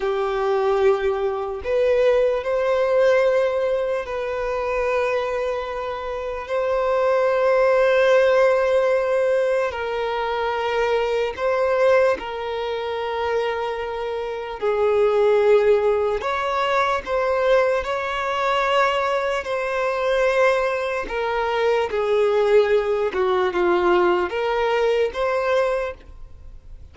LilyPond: \new Staff \with { instrumentName = "violin" } { \time 4/4 \tempo 4 = 74 g'2 b'4 c''4~ | c''4 b'2. | c''1 | ais'2 c''4 ais'4~ |
ais'2 gis'2 | cis''4 c''4 cis''2 | c''2 ais'4 gis'4~ | gis'8 fis'8 f'4 ais'4 c''4 | }